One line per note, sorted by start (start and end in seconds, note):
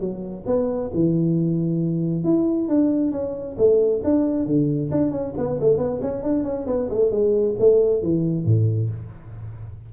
0.00 0.44 F#3
0.46 0.91 B3
0.94 2.24 E3
2.24 2.68 E4
2.68 3.12 D4
3.12 3.56 C#4
3.58 4.02 A3
4.04 4.46 D4
4.46 4.91 D3
4.91 5.11 D4
5.11 5.34 C#4
5.37 5.59 B3
5.60 5.78 A3
5.78 6.00 B3
6.02 6.23 C#4
6.23 6.44 D4
6.44 6.66 C#4
6.67 6.89 B3
6.89 7.11 A3
7.11 7.55 G#3
7.59 8.03 A3
8.03 8.45 E3
8.45 8.90 A2